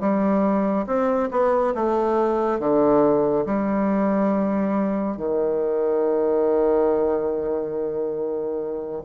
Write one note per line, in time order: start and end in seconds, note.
0.00 0.86 G3
0.86 1.29 C4
1.31 1.74 B3
1.75 2.59 A3
2.59 3.45 D3
3.46 5.17 G3
5.17 9.03 D#3